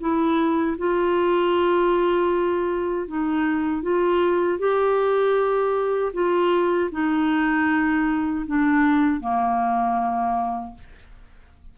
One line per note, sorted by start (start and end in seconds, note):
0.00 0.77 E4
0.78 3.08 F4
3.08 3.83 D#4
3.83 4.59 F4
4.59 6.13 G4
6.14 6.91 F4
6.92 8.46 D#4
8.47 9.21 D4
9.21 10.74 A#3